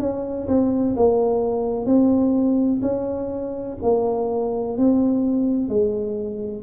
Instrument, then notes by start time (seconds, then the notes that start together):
tuba
0.00 C#4
0.48 C4
0.97 A#3
1.86 C4
2.82 C#4
3.83 A#3
4.78 C4
5.69 G#3